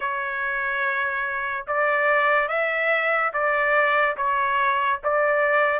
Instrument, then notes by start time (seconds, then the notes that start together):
trumpet
0.00 C#5
1.67 D5
2.48 E5
3.33 D5
4.16 C#5
5.03 D5